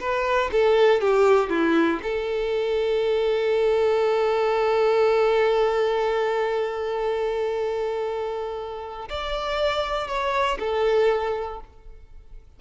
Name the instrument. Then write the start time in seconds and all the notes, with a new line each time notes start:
violin
0.00 B4
0.52 A4
1.01 G4
1.50 E4
2.03 A4
9.09 D5
10.08 C#5
10.59 A4